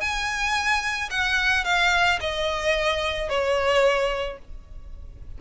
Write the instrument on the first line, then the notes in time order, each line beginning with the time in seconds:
violin
0.00 G#5
1.10 F#5
1.64 F5
2.20 D#5
3.29 C#5